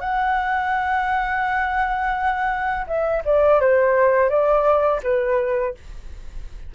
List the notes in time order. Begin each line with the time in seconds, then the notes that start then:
0.00 F#5
2.87 E5
3.25 D5
3.61 C5
4.29 D5
5.03 B4